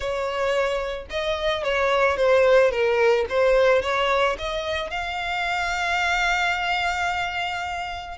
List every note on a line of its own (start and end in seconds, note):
0.00 1.07 C#5
1.10 1.63 D#5
1.63 2.17 C#5
2.17 2.71 C5
2.71 3.25 A#4
3.29 3.82 C5
3.82 4.36 C#5
4.38 4.90 D#5
4.90 8.17 F5